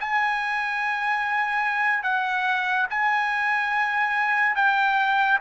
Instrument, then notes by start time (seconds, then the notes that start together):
trumpet
0.00 G#5
2.03 F#5
2.90 G#5
4.55 G5